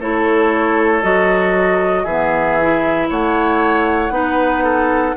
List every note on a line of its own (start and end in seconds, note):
0.00 1.03 A3
0.00 1.03 E4
0.00 2.04 A4
0.00 1.03 C#5
1.03 2.05 F#3
1.03 2.06 F#4
1.03 2.05 D#5
2.04 3.08 E3
2.04 2.61 B3
2.04 3.07 G#4
2.04 3.08 E5
2.62 4.11 E4
3.10 4.10 A3
3.10 4.13 C#5
3.10 5.17 F#5
4.10 5.14 B3
4.10 5.15 D#4
4.10 4.64 B4
4.64 5.16 A4